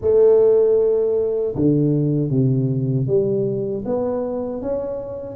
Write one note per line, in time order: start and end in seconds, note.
0.01 1.55 A3
1.55 2.30 D3
2.30 3.07 C3
3.07 3.84 G3
3.85 4.61 B3
4.61 5.35 C#4